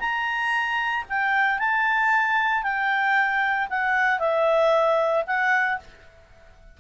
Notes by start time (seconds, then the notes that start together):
0.00 A#5
1.09 G5
1.59 A5
2.63 G5
3.70 F#5
4.20 E5
5.27 F#5